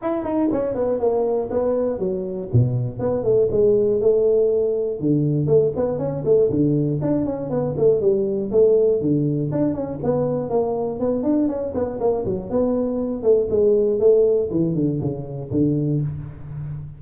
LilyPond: \new Staff \with { instrumentName = "tuba" } { \time 4/4 \tempo 4 = 120 e'8 dis'8 cis'8 b8 ais4 b4 | fis4 b,4 b8 a8 gis4 | a2 d4 a8 b8 | cis'8 a8 d4 d'8 cis'8 b8 a8 |
g4 a4 d4 d'8 cis'8 | b4 ais4 b8 d'8 cis'8 b8 | ais8 fis8 b4. a8 gis4 | a4 e8 d8 cis4 d4 | }